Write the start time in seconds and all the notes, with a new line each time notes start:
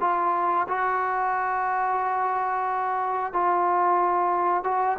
0.00 F4
0.68 F#4
3.33 F4
4.64 F#4